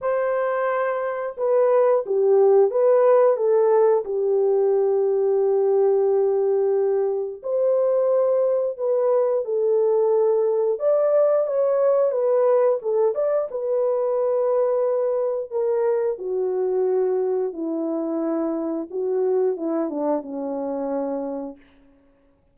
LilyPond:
\new Staff \with { instrumentName = "horn" } { \time 4/4 \tempo 4 = 89 c''2 b'4 g'4 | b'4 a'4 g'2~ | g'2. c''4~ | c''4 b'4 a'2 |
d''4 cis''4 b'4 a'8 d''8 | b'2. ais'4 | fis'2 e'2 | fis'4 e'8 d'8 cis'2 | }